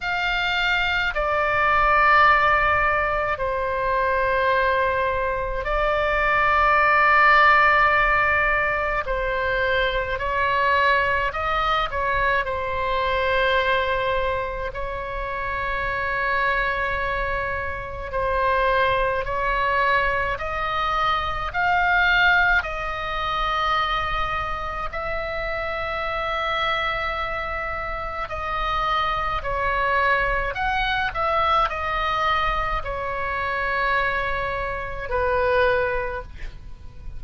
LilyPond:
\new Staff \with { instrumentName = "oboe" } { \time 4/4 \tempo 4 = 53 f''4 d''2 c''4~ | c''4 d''2. | c''4 cis''4 dis''8 cis''8 c''4~ | c''4 cis''2. |
c''4 cis''4 dis''4 f''4 | dis''2 e''2~ | e''4 dis''4 cis''4 fis''8 e''8 | dis''4 cis''2 b'4 | }